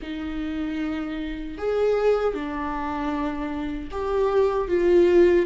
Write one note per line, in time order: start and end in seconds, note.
0.02 1.58 D#4
1.58 2.33 G#4
2.33 3.89 D4
3.91 4.68 G4
4.68 5.45 F4